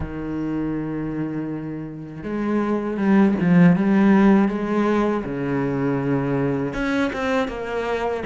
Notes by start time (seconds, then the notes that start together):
0.00 D#3
2.23 G#3
2.97 G3
3.40 F3
3.76 G3
4.48 G#3
5.24 C#3
6.73 C#4
7.12 C4
7.48 A#3